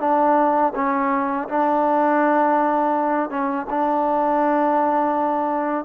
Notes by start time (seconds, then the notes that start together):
0.00 D4
0.75 C#4
1.49 D4
3.30 C#4
3.70 D4